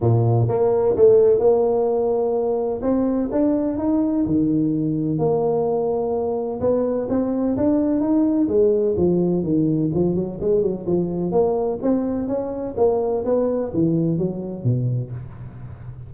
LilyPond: \new Staff \with { instrumentName = "tuba" } { \time 4/4 \tempo 4 = 127 ais,4 ais4 a4 ais4~ | ais2 c'4 d'4 | dis'4 dis2 ais4~ | ais2 b4 c'4 |
d'4 dis'4 gis4 f4 | dis4 f8 fis8 gis8 fis8 f4 | ais4 c'4 cis'4 ais4 | b4 e4 fis4 b,4 | }